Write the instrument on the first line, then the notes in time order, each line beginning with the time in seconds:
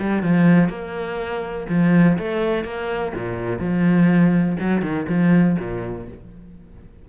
cello
0.00 G3
0.23 F3
0.69 A#3
1.69 F3
2.18 A3
2.65 A#3
3.15 A#2
3.59 F3
4.60 F#3
4.82 D#3
5.09 F3
5.59 A#2